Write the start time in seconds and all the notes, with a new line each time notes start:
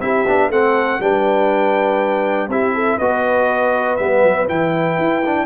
0.00 C4 E4 G4 E5
0.27 B3 D4
0.49 A3 C4 A4 F#5
0.99 G3 D4 B4 G5
2.48 C4 E4 G4 E5
2.74 A4
2.97 B3 F#4 B4 D#5
3.96 G3 B3 E5
4.23 F#3
4.48 E3 E4 G5
4.98 E4
5.25 D4